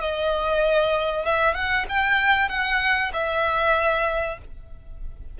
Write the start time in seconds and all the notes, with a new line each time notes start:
0.00 D#5
1.25 E5
1.54 F#5
1.88 G5
2.49 F#5
3.13 E5